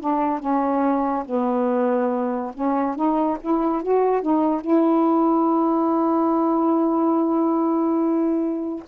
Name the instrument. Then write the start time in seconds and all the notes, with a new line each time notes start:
saxophone
0.00 D4
0.39 C#4
1.25 B3
2.54 C#4
2.95 D#4
3.40 E4
3.82 F#4
4.21 D#4
4.61 E4